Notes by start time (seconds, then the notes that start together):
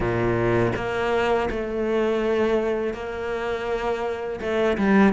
0.00 A#2
0.75 A#3
1.50 A3
2.93 A#3
4.40 A3
4.77 G3